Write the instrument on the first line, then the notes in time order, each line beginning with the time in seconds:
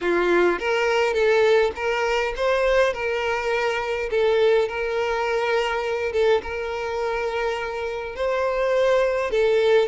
violin
0.01 F4
0.59 A#4
1.13 A4
1.75 A#4
2.36 C5
2.93 A#4
4.10 A4
4.68 A#4
6.12 A4
6.42 A#4
8.15 C5
9.30 A4